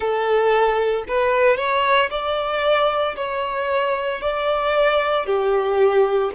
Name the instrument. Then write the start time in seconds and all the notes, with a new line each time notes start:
violin
0.00 A4
1.08 B4
1.56 C#5
2.10 D5
3.16 C#5
4.21 D5
5.26 G4